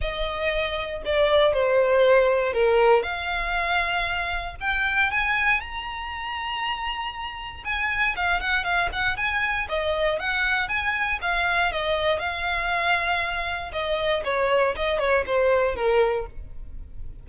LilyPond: \new Staff \with { instrumentName = "violin" } { \time 4/4 \tempo 4 = 118 dis''2 d''4 c''4~ | c''4 ais'4 f''2~ | f''4 g''4 gis''4 ais''4~ | ais''2. gis''4 |
f''8 fis''8 f''8 fis''8 gis''4 dis''4 | fis''4 gis''4 f''4 dis''4 | f''2. dis''4 | cis''4 dis''8 cis''8 c''4 ais'4 | }